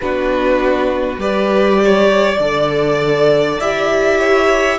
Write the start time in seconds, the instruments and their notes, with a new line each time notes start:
0.01 cello B3, viola D4, violin F#4 B4
1.17 cello G3, viola G4, violin B4 D5
1.84 violin C#5
2.38 cello D3, viola A4, violin D5
3.60 cello E4, viola G4, violin E5
4.19 violin C#5